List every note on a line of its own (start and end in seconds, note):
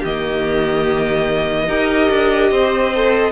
0.00 1.69 D#3
0.00 1.64 G4
0.00 3.32 D#5
0.06 1.70 A#3
1.68 2.10 D#4
1.68 2.93 G4
1.68 2.51 A#4
2.11 2.51 D4
2.51 3.32 C4
2.51 3.32 C5
2.96 3.32 A4